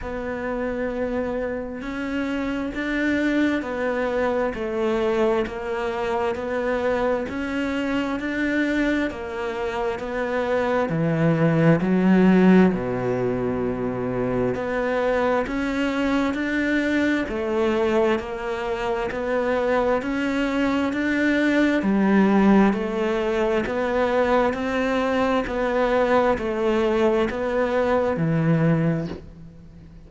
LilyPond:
\new Staff \with { instrumentName = "cello" } { \time 4/4 \tempo 4 = 66 b2 cis'4 d'4 | b4 a4 ais4 b4 | cis'4 d'4 ais4 b4 | e4 fis4 b,2 |
b4 cis'4 d'4 a4 | ais4 b4 cis'4 d'4 | g4 a4 b4 c'4 | b4 a4 b4 e4 | }